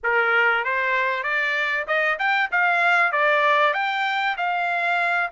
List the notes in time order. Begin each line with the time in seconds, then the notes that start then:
0.03 A#4
0.64 C5
1.23 D5
1.87 D#5
2.18 G5
2.51 F5
3.12 D5
3.73 G5
4.37 F5